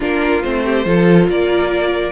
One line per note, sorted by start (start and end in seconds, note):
0.00 0.44 A#3
0.00 0.43 D4
0.00 0.63 F4
0.00 0.42 A#4
0.42 0.85 A3
0.42 0.86 C4
0.42 1.27 C5
0.64 0.86 G4
0.85 1.28 F3
0.85 2.11 F4
0.85 1.29 A4
1.28 2.11 A#3
1.28 2.11 A#4
1.28 2.11 D5